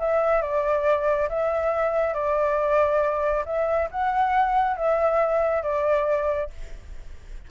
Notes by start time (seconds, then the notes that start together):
0.00 E5
0.42 D5
1.29 E5
2.14 D5
3.46 E5
3.92 F#5
4.77 E5
5.63 D5